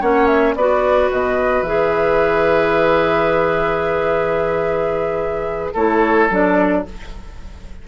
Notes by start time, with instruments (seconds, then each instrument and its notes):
0.00 bassoon A#3, clarinet C#4, oboe C#5, flute F#5
0.27 flute E5
0.55 bassoon B3, clarinet F#4, oboe B4, flute D5
1.11 bassoon B2, flute D#5
1.62 bassoon E3, clarinet G#4, flute E5
5.73 bassoon A3, clarinet E4, oboe A4, flute C#5
6.30 bassoon F#3, clarinet D4, flute D5